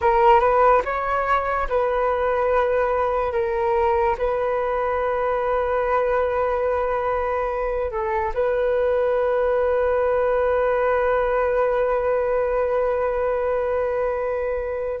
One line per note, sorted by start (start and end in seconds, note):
0.01 0.40 A#4
0.40 0.81 B4
0.84 1.67 C#5
1.68 3.32 B4
3.32 4.16 A#4
4.17 7.91 B4
7.91 8.33 A4
8.33 15.00 B4